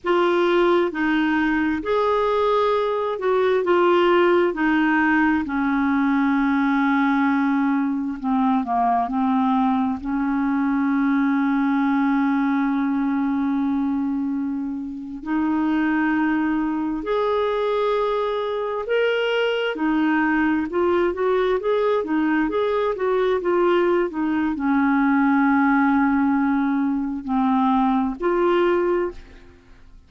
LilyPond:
\new Staff \with { instrumentName = "clarinet" } { \time 4/4 \tempo 4 = 66 f'4 dis'4 gis'4. fis'8 | f'4 dis'4 cis'2~ | cis'4 c'8 ais8 c'4 cis'4~ | cis'1~ |
cis'8. dis'2 gis'4~ gis'16~ | gis'8. ais'4 dis'4 f'8 fis'8 gis'16~ | gis'16 dis'8 gis'8 fis'8 f'8. dis'8 cis'4~ | cis'2 c'4 f'4 | }